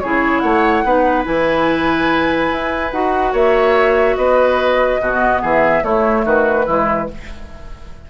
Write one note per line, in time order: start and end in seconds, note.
0.00 0.43 C#3
0.00 0.86 E4
0.00 0.43 G#4
0.00 0.40 C#5
0.40 0.84 A3
0.40 0.84 C#5
0.40 1.23 F#5
0.84 1.26 B3
0.84 1.24 D#4
0.84 3.32 B4
1.24 2.51 E3
1.24 2.91 E4
1.24 2.92 G#5
2.51 2.93 E4
2.92 3.33 D#4
2.92 5.01 F#4
2.92 3.34 F#5
3.32 4.17 A#3
3.32 4.16 C#5
3.32 4.16 E5
4.16 4.99 B3
4.16 5.01 B4
4.16 5.41 D#5
4.99 5.41 B2
4.99 5.85 B3
4.99 5.42 F#4
5.42 5.83 E3
5.42 5.84 G#4
5.42 5.84 E5
5.83 6.25 A3
5.83 6.67 A3
5.83 6.25 E4
5.83 6.26 C#5
6.25 6.67 D#3
6.25 6.66 F#4
6.25 7.11 B4
6.66 7.09 E3
6.66 7.09 G#3
6.66 7.08 E4